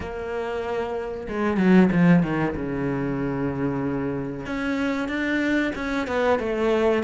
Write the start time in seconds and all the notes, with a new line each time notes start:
0.00 A#3
1.28 G#3
1.57 F#3
1.91 F3
2.22 D#3
2.55 C#3
4.45 C#4
5.08 D4
5.75 C#4
6.07 B3
6.39 A3